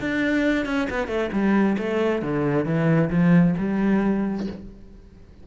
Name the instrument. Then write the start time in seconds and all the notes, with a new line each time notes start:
cello
0.00 D4
0.65 C#4
0.90 B3
1.08 A3
1.32 G3
1.78 A3
2.22 D3
2.65 E3
3.10 F3
3.58 G3